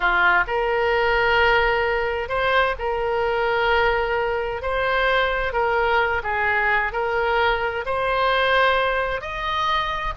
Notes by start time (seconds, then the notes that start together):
0.00 F4
0.47 A#4
2.28 C5
2.78 A#4
4.62 C5
5.52 A#4
6.23 G#4
6.92 A#4
7.85 C5
9.21 D#5